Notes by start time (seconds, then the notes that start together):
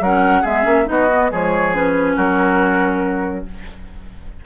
0.00 F#3 C#4 A#4 F#5
0.41 G#3 B3 G#4 E5
0.63 A#3 C#4
0.85 B3 D#4 F#4 D#5
1.13 B3
1.29 F3 G#3 G#4 C#5
1.74 C#4 B4
2.16 F#3 F#4 A#4